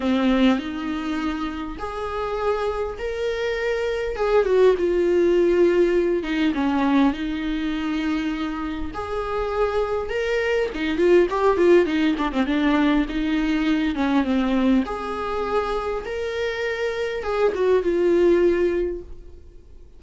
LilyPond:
\new Staff \with { instrumentName = "viola" } { \time 4/4 \tempo 4 = 101 c'4 dis'2 gis'4~ | gis'4 ais'2 gis'8 fis'8 | f'2~ f'8 dis'8 cis'4 | dis'2. gis'4~ |
gis'4 ais'4 dis'8 f'8 g'8 f'8 | dis'8 d'16 c'16 d'4 dis'4. cis'8 | c'4 gis'2 ais'4~ | ais'4 gis'8 fis'8 f'2 | }